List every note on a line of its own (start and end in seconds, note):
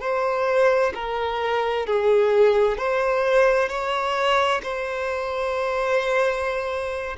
0.00 0.92 C5
0.94 1.86 A#4
1.86 2.77 G#4
2.77 3.69 C5
3.69 4.61 C#5
4.62 7.16 C5